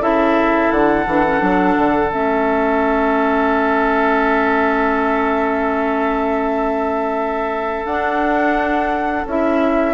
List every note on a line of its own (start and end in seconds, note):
0.00 0.70 C#3
0.00 1.06 E4
0.00 9.94 A4
0.00 0.72 E5
0.72 1.06 D3
0.72 2.11 F#5
1.07 1.42 E3
1.07 1.25 D4
1.27 1.39 C#4
1.39 1.77 F#3
1.39 2.09 D4
1.78 2.12 D3
2.12 7.86 A3
2.12 7.88 C#4
2.12 7.86 E5
7.86 9.25 D4
7.86 9.27 D4
7.86 9.26 F#5
9.26 9.94 C#4
9.26 9.94 E4
9.26 9.94 E5